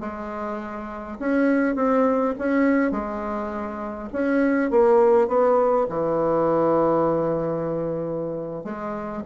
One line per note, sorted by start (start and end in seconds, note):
0.00 1.18 G#3
1.20 1.75 C#4
1.75 2.34 C4
2.39 2.91 C#4
2.91 4.09 G#3
4.13 4.71 C#4
4.71 5.28 A#3
5.28 5.87 B3
5.89 8.64 E3
8.64 9.23 G#3